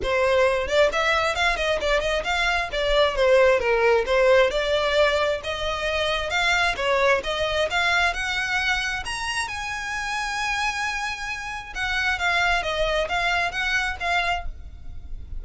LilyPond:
\new Staff \with { instrumentName = "violin" } { \time 4/4 \tempo 4 = 133 c''4. d''8 e''4 f''8 dis''8 | d''8 dis''8 f''4 d''4 c''4 | ais'4 c''4 d''2 | dis''2 f''4 cis''4 |
dis''4 f''4 fis''2 | ais''4 gis''2.~ | gis''2 fis''4 f''4 | dis''4 f''4 fis''4 f''4 | }